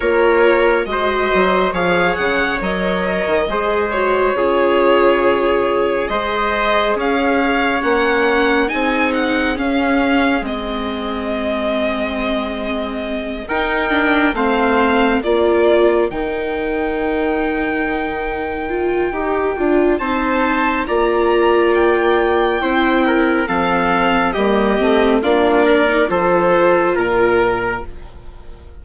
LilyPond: <<
  \new Staff \with { instrumentName = "violin" } { \time 4/4 \tempo 4 = 69 cis''4 dis''4 f''8 fis''8 dis''4~ | dis''8 cis''2~ cis''8 dis''4 | f''4 fis''4 gis''8 fis''8 f''4 | dis''2.~ dis''8 g''8~ |
g''8 f''4 d''4 g''4.~ | g''2. a''4 | ais''4 g''2 f''4 | dis''4 d''4 c''4 ais'4 | }
  \new Staff \with { instrumentName = "trumpet" } { \time 4/4 ais'4 c''4 cis''2 | c''4 gis'2 c''4 | cis''2 gis'2~ | gis'2.~ gis'8 ais'8~ |
ais'8 c''4 ais'2~ ais'8~ | ais'2. c''4 | d''2 c''8 ais'8 a'4 | g'4 f'8 ais'8 a'4 ais'4 | }
  \new Staff \with { instrumentName = "viola" } { \time 4/4 f'4 fis'4 gis'4 ais'4 | gis'8 fis'8 f'2 gis'4~ | gis'4 cis'4 dis'4 cis'4 | c'2.~ c'8 dis'8 |
d'8 c'4 f'4 dis'4.~ | dis'4. f'8 g'8 f'8 dis'4 | f'2 e'4 c'4 | ais8 c'8 d'8. dis'16 f'2 | }
  \new Staff \with { instrumentName = "bassoon" } { \time 4/4 ais4 gis8 fis8 f8 cis8 fis8. dis16 | gis4 cis2 gis4 | cis'4 ais4 c'4 cis'4 | gis2.~ gis8 dis'8~ |
dis'8 a4 ais4 dis4.~ | dis2 dis'8 d'8 c'4 | ais2 c'4 f4 | g8 a8 ais4 f4 ais,4 | }
>>